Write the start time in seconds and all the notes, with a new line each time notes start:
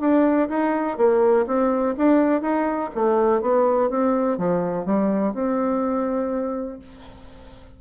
0.00 D4
0.49 D#4
0.97 A#3
1.46 C4
1.97 D4
2.42 D#4
2.95 A3
3.41 B3
3.90 C4
4.38 F3
4.85 G3
5.34 C4